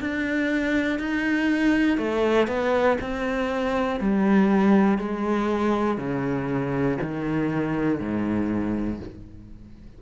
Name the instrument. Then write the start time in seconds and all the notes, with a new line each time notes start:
cello
0.00 D4
0.99 D#4
1.98 A3
2.47 B3
3.00 C4
4.00 G3
4.98 G#3
5.98 C#3
7.01 D#3
7.99 G#2